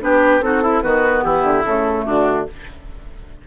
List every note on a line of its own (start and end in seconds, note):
0.00 0.40 B3
0.00 0.41 D4
0.00 0.44 G4
0.00 0.42 B4
0.40 0.81 C4
0.40 0.62 D#4
0.40 0.62 F#4
0.40 0.82 A4
0.62 0.82 E4
0.62 0.83 E4
0.82 1.24 D#3
0.82 1.64 B3
0.82 1.24 F#4
0.82 1.23 B4
1.23 1.43 E3
1.23 2.05 E4
1.23 1.63 G4
1.43 1.63 D3
1.64 2.05 C#3
1.64 2.47 A3
1.64 2.05 A4
2.05 2.46 D3
2.05 2.46 D4
2.05 2.47 F#4